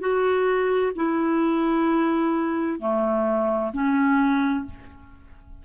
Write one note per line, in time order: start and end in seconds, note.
0.00 0.92 F#4
0.95 2.79 E4
2.79 3.72 A3
3.73 4.65 C#4